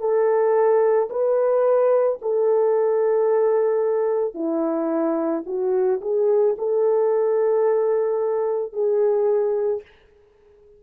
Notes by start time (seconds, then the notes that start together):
0.00 A4
1.10 B4
2.22 A4
4.34 E4
5.46 F#4
6.01 G#4
6.58 A4
8.73 G#4